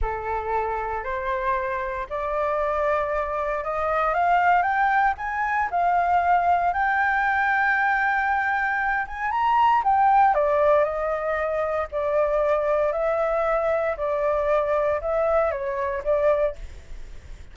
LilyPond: \new Staff \with { instrumentName = "flute" } { \time 4/4 \tempo 4 = 116 a'2 c''2 | d''2. dis''4 | f''4 g''4 gis''4 f''4~ | f''4 g''2.~ |
g''4. gis''8 ais''4 g''4 | d''4 dis''2 d''4~ | d''4 e''2 d''4~ | d''4 e''4 cis''4 d''4 | }